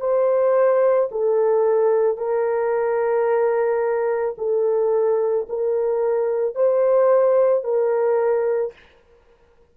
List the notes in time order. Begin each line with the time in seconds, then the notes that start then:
0.00 C5
1.12 A4
2.17 A#4
4.38 A4
5.49 A#4
6.55 C5
7.64 A#4